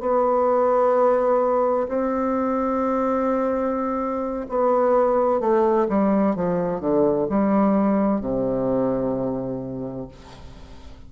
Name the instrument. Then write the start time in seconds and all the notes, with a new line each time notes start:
bassoon
0.00 B3
1.88 C4
4.49 B3
5.40 A3
5.88 G3
6.35 F3
6.81 D3
7.30 G3
8.21 C3